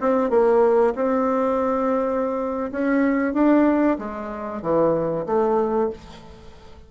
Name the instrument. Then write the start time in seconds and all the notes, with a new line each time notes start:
bassoon
0.00 C4
0.30 A#3
0.95 C4
2.71 C#4
3.33 D4
3.98 G#3
4.62 E3
5.26 A3